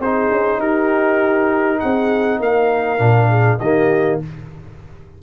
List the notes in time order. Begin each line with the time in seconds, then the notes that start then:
0.00 C4 D#4 G#4 C5
0.31 C#4
0.59 D#4 G4 A#4
1.80 C4 G#4 F#5
2.40 A#3 A#4 F5
2.98 A#2 D4
3.30 G#4
3.60 D#3 A#3 G4 D#5